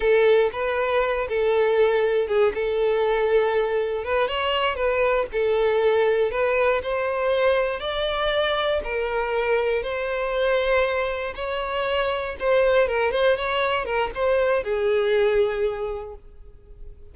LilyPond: \new Staff \with { instrumentName = "violin" } { \time 4/4 \tempo 4 = 119 a'4 b'4. a'4.~ | a'8 gis'8 a'2. | b'8 cis''4 b'4 a'4.~ | a'8 b'4 c''2 d''8~ |
d''4. ais'2 c''8~ | c''2~ c''8 cis''4.~ | cis''8 c''4 ais'8 c''8 cis''4 ais'8 | c''4 gis'2. | }